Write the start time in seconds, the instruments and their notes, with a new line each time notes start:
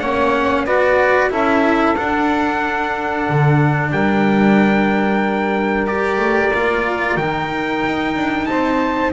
0.00 double bass A#3, cello C#4, saxophone C#5, trumpet F#5
0.65 double bass B3, cello F#4, saxophone B4, trumpet D5
1.30 double bass C#4, cello E4, saxophone A4, trumpet E5
1.96 cello D4, double bass D4, trumpet F#5
3.29 double bass D3
3.92 double bass G3, saxophone A#4, trumpet G5
5.87 cello G4, trumpet D5
6.18 double bass A3
6.54 double bass A#3, cello F4
7.17 double bass D#3, cello D#4, trumpet G5
7.86 double bass D#4
8.16 double bass D4
8.46 double bass C4, saxophone C5, trumpet A5